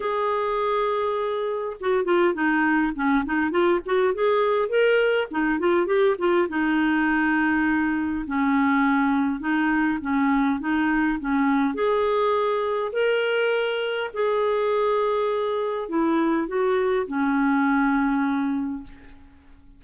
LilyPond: \new Staff \with { instrumentName = "clarinet" } { \time 4/4 \tempo 4 = 102 gis'2. fis'8 f'8 | dis'4 cis'8 dis'8 f'8 fis'8 gis'4 | ais'4 dis'8 f'8 g'8 f'8 dis'4~ | dis'2 cis'2 |
dis'4 cis'4 dis'4 cis'4 | gis'2 ais'2 | gis'2. e'4 | fis'4 cis'2. | }